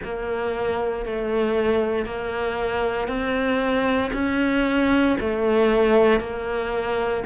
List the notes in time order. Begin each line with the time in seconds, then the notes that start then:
0.03 A#3
1.05 A3
2.05 A#3
3.08 C4
4.13 C#4
5.20 A3
6.20 A#3